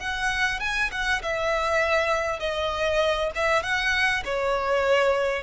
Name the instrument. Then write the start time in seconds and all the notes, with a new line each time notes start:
violin
0.00 F#5
0.61 G#5
0.92 F#5
1.23 E5
2.40 D#5
3.36 E5
3.63 F#5
4.25 C#5